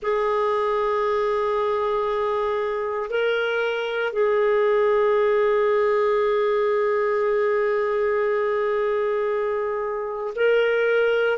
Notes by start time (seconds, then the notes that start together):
0.02 G#4
3.10 A#4
4.12 G#4
10.35 A#4